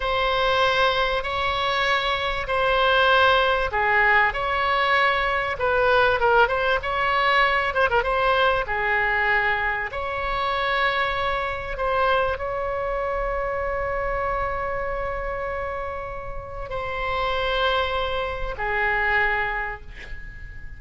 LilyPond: \new Staff \with { instrumentName = "oboe" } { \time 4/4 \tempo 4 = 97 c''2 cis''2 | c''2 gis'4 cis''4~ | cis''4 b'4 ais'8 c''8 cis''4~ | cis''8 c''16 ais'16 c''4 gis'2 |
cis''2. c''4 | cis''1~ | cis''2. c''4~ | c''2 gis'2 | }